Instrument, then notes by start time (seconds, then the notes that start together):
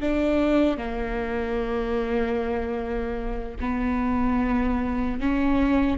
viola
0.00 D4
0.77 A#3
3.60 B3
5.20 C#4